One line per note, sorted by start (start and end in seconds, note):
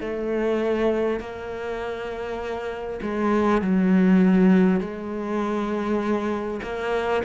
0.00 1.19 A3
1.19 2.99 A#3
3.02 3.62 G#3
3.62 4.80 F#3
4.80 6.60 G#3
6.62 7.22 A#3